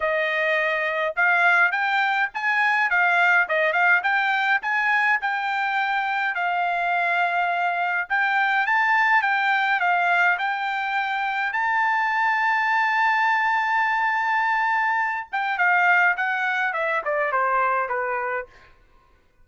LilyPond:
\new Staff \with { instrumentName = "trumpet" } { \time 4/4 \tempo 4 = 104 dis''2 f''4 g''4 | gis''4 f''4 dis''8 f''8 g''4 | gis''4 g''2 f''4~ | f''2 g''4 a''4 |
g''4 f''4 g''2 | a''1~ | a''2~ a''8 g''8 f''4 | fis''4 e''8 d''8 c''4 b'4 | }